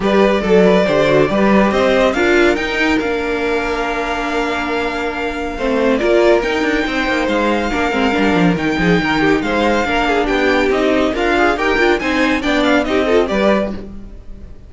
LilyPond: <<
  \new Staff \with { instrumentName = "violin" } { \time 4/4 \tempo 4 = 140 d''1 | dis''4 f''4 g''4 f''4~ | f''1~ | f''2 d''4 g''4~ |
g''4 f''2. | g''2 f''2 | g''4 dis''4 f''4 g''4 | gis''4 g''8 f''8 dis''4 d''4 | }
  \new Staff \with { instrumentName = "violin" } { \time 4/4 b'4 a'8 b'8 c''4 b'4 | c''4 ais'2.~ | ais'1~ | ais'4 c''4 ais'2 |
c''2 ais'2~ | ais'8 gis'8 ais'8 g'8 c''4 ais'8 gis'8 | g'2 f'4 ais'4 | c''4 d''4 g'8 a'8 b'4 | }
  \new Staff \with { instrumentName = "viola" } { \time 4/4 g'4 a'4 g'8 fis'8 g'4~ | g'4 f'4 dis'4 d'4~ | d'1~ | d'4 c'4 f'4 dis'4~ |
dis'2 d'8 c'8 d'4 | dis'2. d'4~ | d'4 dis'4 ais'8 gis'8 g'8 f'8 | dis'4 d'4 dis'8 f'8 g'4 | }
  \new Staff \with { instrumentName = "cello" } { \time 4/4 g4 fis4 d4 g4 | c'4 d'4 dis'4 ais4~ | ais1~ | ais4 a4 ais4 dis'8 d'8 |
c'8 ais8 gis4 ais8 gis8 g8 f8 | dis8 f8 dis4 gis4 ais4 | b4 c'4 d'4 dis'8 d'8 | c'4 b4 c'4 g4 | }
>>